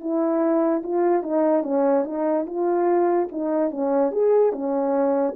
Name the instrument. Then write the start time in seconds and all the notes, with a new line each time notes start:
horn
0.00 E4
0.83 F4
1.23 D#4
1.63 C#4
2.04 D#4
2.46 F4
3.31 D#4
3.71 C#4
4.11 G#4
4.52 C#4